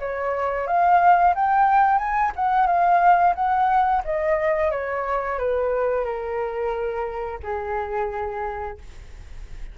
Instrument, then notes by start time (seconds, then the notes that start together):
flute
0.00 C#5
0.67 F5
1.35 G5
1.99 G#5
2.36 F#5
2.67 F5
3.36 F#5
4.05 D#5
4.72 C#5
5.39 B4
6.05 A#4
7.43 G#4